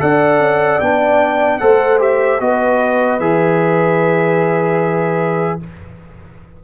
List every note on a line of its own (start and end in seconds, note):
0.00 0.40 D4
0.00 0.80 A4
0.00 1.62 D5
0.00 0.80 F#5
0.40 0.80 C#4
0.80 1.61 B3
0.80 1.60 D4
0.80 1.59 G5
1.59 2.40 A3
1.59 1.99 A4
1.59 2.42 C5
1.59 1.99 F#5
1.99 2.39 G4
1.99 2.41 E5
2.40 3.20 B3
2.40 3.21 F#4
2.40 5.64 B4
2.40 3.20 D#5
3.20 5.60 E3
3.20 5.61 G#4
3.20 5.60 E5